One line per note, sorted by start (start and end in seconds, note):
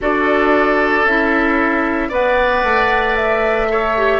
0.00 1.04 D4
0.00 1.05 F#4
0.00 2.08 A4
0.00 1.05 D5
1.04 2.09 C#4
1.04 2.11 E4
1.04 2.11 E5
2.08 2.63 B3
2.08 3.68 B4
2.08 3.66 D5
2.08 3.15 F#5
2.63 4.20 A3
3.15 4.20 E5
3.69 3.95 A4
3.69 4.20 C#5
3.97 4.20 G4